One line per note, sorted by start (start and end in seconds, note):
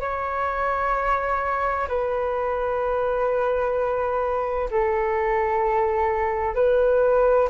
0.00 1.87 C#5
1.87 4.69 B4
4.71 6.55 A4
6.55 7.48 B4